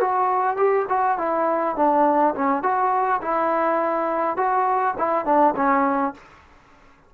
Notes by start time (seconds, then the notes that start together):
0.00 F#4
0.56 G4
0.89 F#4
1.18 E4
1.76 D4
2.34 C#4
2.62 F#4
3.21 E4
4.36 F#4
4.98 E4
5.25 D4
5.56 C#4